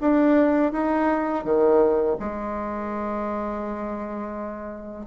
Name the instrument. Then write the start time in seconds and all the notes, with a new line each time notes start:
bassoon
0.00 D4
0.72 D#4
1.44 D#3
2.19 G#3